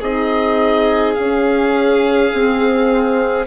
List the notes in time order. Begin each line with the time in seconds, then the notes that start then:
0.00 C4 D#4 G#4 D#5
1.14 C#4 F5
2.33 C4